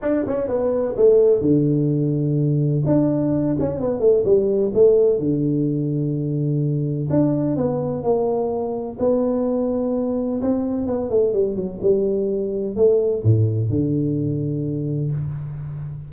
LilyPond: \new Staff \with { instrumentName = "tuba" } { \time 4/4 \tempo 4 = 127 d'8 cis'8 b4 a4 d4~ | d2 d'4. cis'8 | b8 a8 g4 a4 d4~ | d2. d'4 |
b4 ais2 b4~ | b2 c'4 b8 a8 | g8 fis8 g2 a4 | a,4 d2. | }